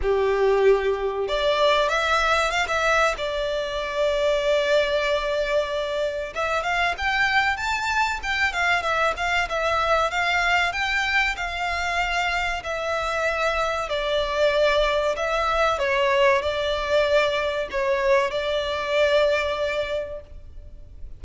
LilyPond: \new Staff \with { instrumentName = "violin" } { \time 4/4 \tempo 4 = 95 g'2 d''4 e''4 | f''16 e''8. d''2.~ | d''2 e''8 f''8 g''4 | a''4 g''8 f''8 e''8 f''8 e''4 |
f''4 g''4 f''2 | e''2 d''2 | e''4 cis''4 d''2 | cis''4 d''2. | }